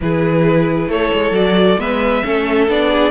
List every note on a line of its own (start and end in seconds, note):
0.01 0.87 E3
0.01 1.34 E4
0.01 0.90 G#4
0.01 0.90 B4
0.87 1.10 A3
0.87 1.79 A4
0.87 1.35 C#5
1.13 1.31 G#3
1.31 1.76 F#3
1.31 1.78 F#4
1.31 1.80 D5
1.77 2.22 G#3
1.77 2.23 B3
1.77 2.24 B4
1.77 2.69 E5
2.23 2.67 A3
2.23 2.68 C#4
2.23 2.90 A4
2.67 3.11 B3
2.67 3.11 D4
2.67 3.11 D5
2.90 3.11 G#4